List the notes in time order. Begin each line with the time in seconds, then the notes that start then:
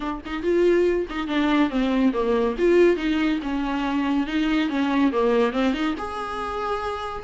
0.00 D4
0.25 D#4
0.42 F4
1.09 D#4
1.27 D4
1.69 C4
2.13 A#3
2.58 F4
2.96 D#4
3.42 C#4
4.26 D#4
4.69 C#4
5.12 A#3
5.53 C4
5.73 D#4
5.97 G#4